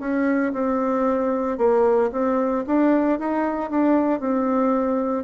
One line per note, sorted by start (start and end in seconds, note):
0.00 0.53 C#4
0.53 1.58 C4
1.58 2.11 A#3
2.12 2.65 C4
2.67 3.20 D4
3.20 3.70 D#4
3.70 4.20 D4
4.20 5.24 C4